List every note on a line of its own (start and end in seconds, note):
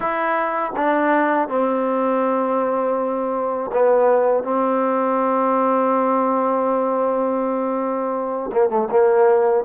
0.00 0.72 E4
0.76 1.48 D4
1.48 3.70 C4
3.72 4.43 B3
4.43 8.51 C4
8.52 8.69 A#3
8.69 8.88 A3
8.91 9.64 A#3